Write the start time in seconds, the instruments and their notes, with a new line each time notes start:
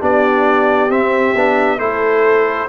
0.00 tuba B3, trombone D4, horn G4, trumpet D5
0.90 tuba C4, trombone C4, trumpet E5
1.36 tuba B3, trombone D4
1.79 tuba A3, trombone E4, horn A4, trumpet C5